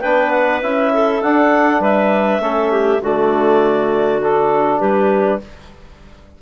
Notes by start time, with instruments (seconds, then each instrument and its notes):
0.00 bassoon B3, trombone D4, clarinet B4 G5
0.30 clarinet F#5
0.61 bassoon C#4, trombone E4, clarinet E5
0.93 clarinet A4
1.22 trombone D4, bassoon D4, clarinet F#5
1.79 bassoon G3, clarinet B4 E5
2.39 bassoon A3, trombone C#4, clarinet A4
2.71 clarinet G4
3.01 bassoon D3, trombone A3, clarinet F#4 D5
4.21 trombone D4, clarinet A4
4.78 bassoon G3, clarinet G4 B4